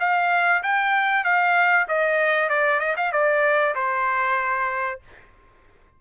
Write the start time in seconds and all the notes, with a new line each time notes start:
0.00 F5
0.63 G5
1.24 F5
1.88 D#5
2.49 D5
2.80 D#5
2.97 F5
3.12 D5
3.75 C5